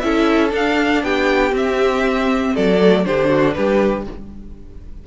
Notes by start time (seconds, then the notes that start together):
0.00 C#4 E4 A4 E5
0.50 D4 F5
1.03 B3 G4 G5
1.52 C4 E5
2.54 F#3 A4 D5
2.81 A3
3.04 D3 D4 G4 C5
3.29 F#4
3.54 G3 G4 B4